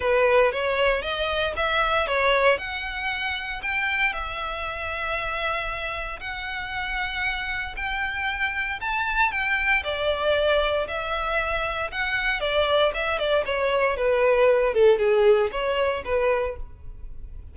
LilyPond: \new Staff \with { instrumentName = "violin" } { \time 4/4 \tempo 4 = 116 b'4 cis''4 dis''4 e''4 | cis''4 fis''2 g''4 | e''1 | fis''2. g''4~ |
g''4 a''4 g''4 d''4~ | d''4 e''2 fis''4 | d''4 e''8 d''8 cis''4 b'4~ | b'8 a'8 gis'4 cis''4 b'4 | }